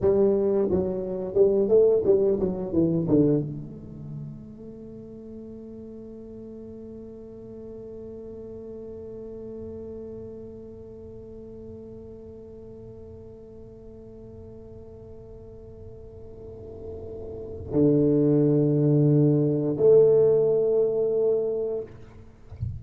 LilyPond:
\new Staff \with { instrumentName = "tuba" } { \time 4/4 \tempo 4 = 88 g4 fis4 g8 a8 g8 fis8 | e8 d8 a2.~ | a1~ | a1~ |
a1~ | a1~ | a2 d2~ | d4 a2. | }